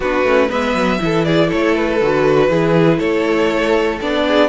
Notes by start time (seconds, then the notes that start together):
0.00 B3 D4 F#4 B4
0.23 A3 C#4
0.49 G#3 B3 B4 E5
0.74 F#3
0.99 E3 E4 A4
1.24 G#4 D5
1.48 A3 A4 C#5
1.74 B4
2.01 D3 F#4
2.48 E3 E4 G#4
2.98 A3 A4 C#5
4.01 B3 D4 D5
4.27 G#4